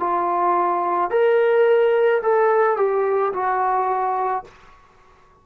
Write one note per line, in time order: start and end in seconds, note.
0.00 1.11 F4
1.11 2.22 A#4
2.23 2.77 A4
2.77 3.33 G4
3.33 4.44 F#4